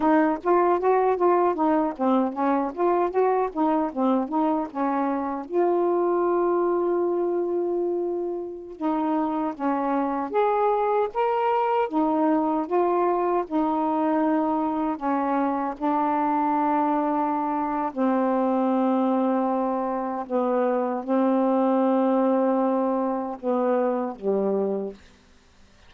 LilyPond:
\new Staff \with { instrumentName = "saxophone" } { \time 4/4 \tempo 4 = 77 dis'8 f'8 fis'8 f'8 dis'8 c'8 cis'8 f'8 | fis'8 dis'8 c'8 dis'8 cis'4 f'4~ | f'2.~ f'16 dis'8.~ | dis'16 cis'4 gis'4 ais'4 dis'8.~ |
dis'16 f'4 dis'2 cis'8.~ | cis'16 d'2~ d'8. c'4~ | c'2 b4 c'4~ | c'2 b4 g4 | }